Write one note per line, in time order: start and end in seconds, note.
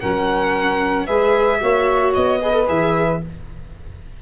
0.00 1.08 F#3
0.00 1.08 C#4
0.00 1.06 A#4
0.00 1.06 F#5
1.06 1.61 G#3
1.06 1.61 G#4
1.06 1.59 B4
1.06 2.12 E5
1.61 2.15 A#3
1.61 2.40 F#4
1.61 2.40 C#5
2.14 2.69 B3
2.14 2.67 D#5
2.41 2.53 G#4
2.41 3.20 B4
2.53 2.66 A4
2.66 3.22 E3
2.66 3.19 G#4
2.66 3.22 E5